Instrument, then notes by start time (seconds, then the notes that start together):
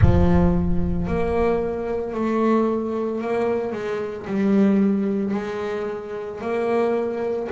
double bass
0.00 F3
1.07 A#3
2.14 A3
3.21 A#3
3.72 G#3
4.26 G3
5.34 G#3
6.41 A#3